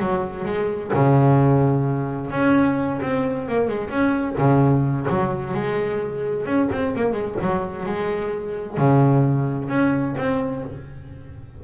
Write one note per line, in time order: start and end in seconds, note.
0.00 0.45 F#3
0.45 0.91 G#3
0.94 2.31 C#3
2.31 3.00 C#4
3.02 3.48 C4
3.49 3.68 A#3
3.68 3.90 G#3
3.90 4.36 C#4
4.38 5.07 C#3
5.10 5.54 F#3
5.54 6.46 G#3
6.46 6.69 C#4
6.72 6.95 C4
6.96 7.13 A#3
7.13 7.36 G#3
7.42 7.86 F#3
7.86 8.78 G#3
8.78 9.69 C#3
9.69 10.15 C#4
10.18 10.64 C4